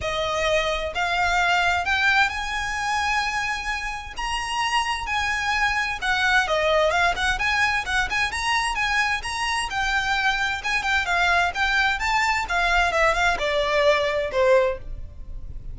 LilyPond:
\new Staff \with { instrumentName = "violin" } { \time 4/4 \tempo 4 = 130 dis''2 f''2 | g''4 gis''2.~ | gis''4 ais''2 gis''4~ | gis''4 fis''4 dis''4 f''8 fis''8 |
gis''4 fis''8 gis''8 ais''4 gis''4 | ais''4 g''2 gis''8 g''8 | f''4 g''4 a''4 f''4 | e''8 f''8 d''2 c''4 | }